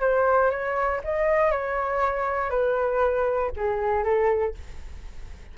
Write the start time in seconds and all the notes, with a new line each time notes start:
0.00 C5
0.50 C#5
1.04 D#5
1.51 C#5
2.50 B4
3.56 G#4
4.04 A4